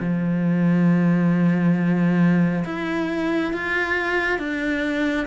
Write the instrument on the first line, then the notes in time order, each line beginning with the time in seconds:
cello
0.00 F3
2.66 E4
3.54 F4
4.39 D4